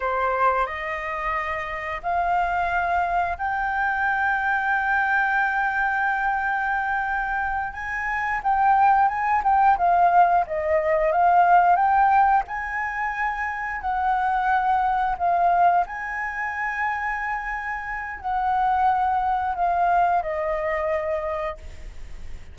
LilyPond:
\new Staff \with { instrumentName = "flute" } { \time 4/4 \tempo 4 = 89 c''4 dis''2 f''4~ | f''4 g''2.~ | g''2.~ g''8 gis''8~ | gis''8 g''4 gis''8 g''8 f''4 dis''8~ |
dis''8 f''4 g''4 gis''4.~ | gis''8 fis''2 f''4 gis''8~ | gis''2. fis''4~ | fis''4 f''4 dis''2 | }